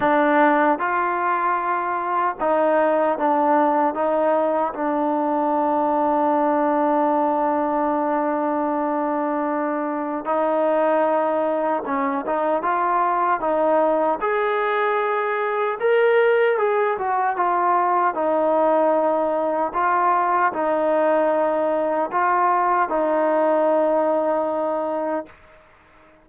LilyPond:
\new Staff \with { instrumentName = "trombone" } { \time 4/4 \tempo 4 = 76 d'4 f'2 dis'4 | d'4 dis'4 d'2~ | d'1~ | d'4 dis'2 cis'8 dis'8 |
f'4 dis'4 gis'2 | ais'4 gis'8 fis'8 f'4 dis'4~ | dis'4 f'4 dis'2 | f'4 dis'2. | }